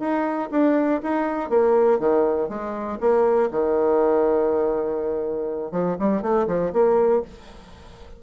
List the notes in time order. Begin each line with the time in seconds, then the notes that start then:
0.00 D#4
0.52 D4
1.03 D#4
1.50 A#3
1.99 D#3
2.49 G#3
3.00 A#3
3.52 D#3
5.72 F3
6.00 G3
6.22 A3
6.47 F3
6.73 A#3